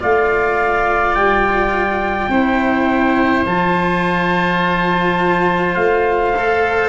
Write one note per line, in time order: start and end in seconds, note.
0.00 1.16 A3
0.00 2.31 F4
0.00 2.30 D5
0.00 1.15 F5
1.15 2.29 G3
1.15 3.46 G5
2.29 3.44 C4
2.29 3.46 E4
2.29 6.89 C5
3.46 5.76 F3
3.46 6.35 F4
3.46 5.75 A5
5.75 6.89 A3
5.75 6.89 F5
6.36 6.89 A4